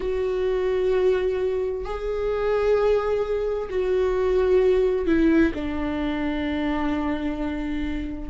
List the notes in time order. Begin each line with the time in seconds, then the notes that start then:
0.00 F#4
1.84 G#4
3.69 F#4
5.06 E4
5.54 D4